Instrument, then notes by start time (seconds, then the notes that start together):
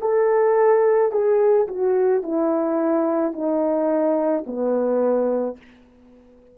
horn
0.00 A4
1.11 G#4
1.67 F#4
2.22 E4
3.32 D#4
4.46 B3